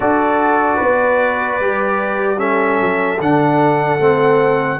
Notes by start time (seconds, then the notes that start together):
0.00 D4 F#4 A4 D5
0.76 B3 B4
1.60 G3 G4
2.37 C#4 A4 E5
2.80 F#3
3.19 D3 D4 F#5
3.99 A3 C4